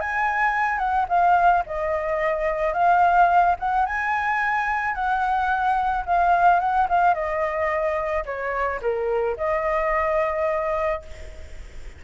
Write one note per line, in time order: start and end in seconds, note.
0.00 0.78 G#5
0.78 1.06 F#5
1.08 1.63 F5
1.66 2.73 D#5
2.73 3.56 F5
3.59 3.86 F#5
3.86 4.94 G#5
4.94 6.05 F#5
6.06 6.60 F5
6.60 6.87 F#5
6.89 7.14 F5
7.14 8.24 D#5
8.25 8.80 C#5
8.81 9.37 A#4
9.37 11.02 D#5